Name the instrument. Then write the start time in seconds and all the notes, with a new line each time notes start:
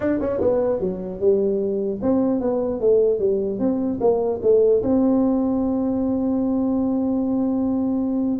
tuba
0.00 D4
0.20 C#4
0.41 B3
0.80 F#3
1.20 G3
2.02 C4
2.40 B3
2.80 A3
3.19 G3
3.59 C4
4.00 A#3
4.42 A3
4.82 C4